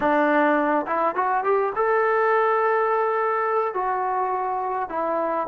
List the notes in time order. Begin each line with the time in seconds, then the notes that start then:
0.00 D4
0.86 E4
1.15 F#4
1.44 G4
1.75 A4
3.74 F#4
4.89 E4